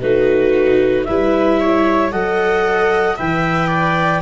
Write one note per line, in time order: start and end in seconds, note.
0.00 1.07 A3
0.00 1.07 D#4
0.00 1.06 F#4
0.00 1.04 B4
1.04 2.12 G3
1.04 2.11 E4
1.04 1.60 B4
1.04 2.09 E5
1.60 2.12 C#5
2.11 3.18 F#3
2.11 3.17 A4
2.11 3.16 D#5
2.11 3.16 F#5
3.16 4.21 E3
3.16 4.21 B4
3.16 3.67 E5
3.16 4.21 G5
3.67 4.20 D5